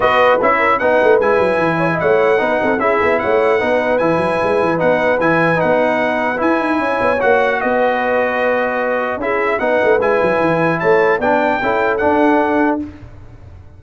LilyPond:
<<
  \new Staff \with { instrumentName = "trumpet" } { \time 4/4 \tempo 4 = 150 dis''4 e''4 fis''4 gis''4~ | gis''4 fis''2 e''4 | fis''2 gis''2 | fis''4 gis''4 fis''2 |
gis''2 fis''4 dis''4~ | dis''2. e''4 | fis''4 gis''2 a''4 | g''2 fis''2 | }
  \new Staff \with { instrumentName = "horn" } { \time 4/4 b'4. ais'8 b'2~ | b'8 cis''16 dis''16 cis''4 b'8 a'8 gis'4 | cis''4 b'2.~ | b'1~ |
b'4 cis''2 b'4~ | b'2. gis'4 | b'2. cis''4 | d''4 a'2. | }
  \new Staff \with { instrumentName = "trombone" } { \time 4/4 fis'4 e'4 dis'4 e'4~ | e'2 dis'4 e'4~ | e'4 dis'4 e'2 | dis'4 e'4 dis'2 |
e'2 fis'2~ | fis'2. e'4 | dis'4 e'2. | d'4 e'4 d'2 | }
  \new Staff \with { instrumentName = "tuba" } { \time 4/4 b4 cis'4 b8 a8 gis8 fis8 | e4 a4 b8 c'8 cis'8 b8 | a4 b4 e8 fis8 gis8 e8 | b4 e4 b2 |
e'8 dis'8 cis'8 b8 ais4 b4~ | b2. cis'4 | b8 a8 gis8 fis8 e4 a4 | b4 cis'4 d'2 | }
>>